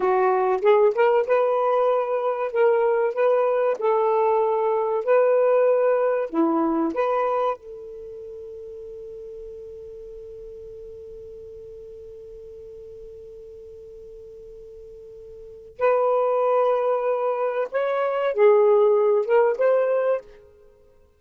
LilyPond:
\new Staff \with { instrumentName = "saxophone" } { \time 4/4 \tempo 4 = 95 fis'4 gis'8 ais'8 b'2 | ais'4 b'4 a'2 | b'2 e'4 b'4 | a'1~ |
a'1~ | a'1~ | a'4 b'2. | cis''4 gis'4. ais'8 c''4 | }